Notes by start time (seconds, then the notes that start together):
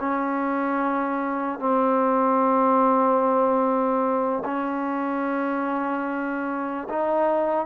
0.00 C#4
1.60 C4
4.45 C#4
6.90 D#4